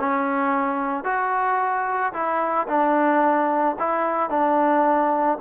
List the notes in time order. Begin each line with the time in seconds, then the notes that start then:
0.00 C#4
1.05 F#4
2.13 E4
2.68 D4
3.79 E4
4.30 D4